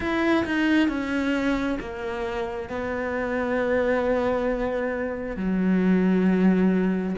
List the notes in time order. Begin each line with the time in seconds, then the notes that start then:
0.00 E4
0.45 D#4
0.88 C#4
1.80 A#3
2.69 B3
5.36 F#3